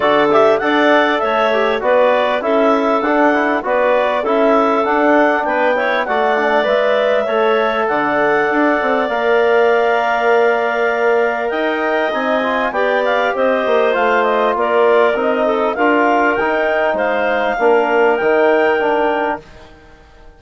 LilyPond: <<
  \new Staff \with { instrumentName = "clarinet" } { \time 4/4 \tempo 4 = 99 d''8 e''8 fis''4 e''4 d''4 | e''4 fis''4 d''4 e''4 | fis''4 g''4 fis''4 e''4~ | e''4 fis''2 f''4~ |
f''2. g''4 | gis''4 g''8 f''8 dis''4 f''8 dis''8 | d''4 dis''4 f''4 g''4 | f''2 g''2 | }
  \new Staff \with { instrumentName = "clarinet" } { \time 4/4 a'4 d''4 cis''4 b'4 | a'2 b'4 a'4~ | a'4 b'8 cis''8 d''2 | cis''4 d''2.~ |
d''2. dis''4~ | dis''4 d''4 c''2 | ais'4. a'8 ais'2 | c''4 ais'2. | }
  \new Staff \with { instrumentName = "trombone" } { \time 4/4 fis'8 g'8 a'4. g'8 fis'4 | e'4 d'8 e'8 fis'4 e'4 | d'4. e'8 fis'8 d'8 b'4 | a'2. ais'4~ |
ais'1 | dis'8 f'8 g'2 f'4~ | f'4 dis'4 f'4 dis'4~ | dis'4 d'4 dis'4 d'4 | }
  \new Staff \with { instrumentName = "bassoon" } { \time 4/4 d4 d'4 a4 b4 | cis'4 d'4 b4 cis'4 | d'4 b4 a4 gis4 | a4 d4 d'8 c'8 ais4~ |
ais2. dis'4 | c'4 b4 c'8 ais8 a4 | ais4 c'4 d'4 dis'4 | gis4 ais4 dis2 | }
>>